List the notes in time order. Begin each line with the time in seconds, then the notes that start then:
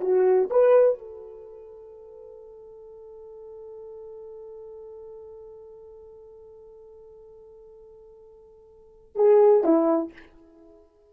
0.00 F#4
0.50 B4
0.98 A4
9.15 G#4
9.63 E4